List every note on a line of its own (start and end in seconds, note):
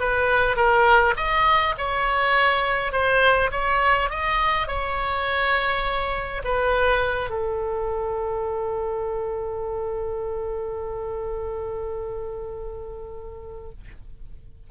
0.00 0.56 B4
0.56 1.15 A#4
1.17 1.75 D#5
1.78 2.93 C#5
2.93 3.51 C5
3.52 4.10 C#5
4.10 4.68 D#5
4.68 6.42 C#5
6.44 7.30 B4
7.30 13.71 A4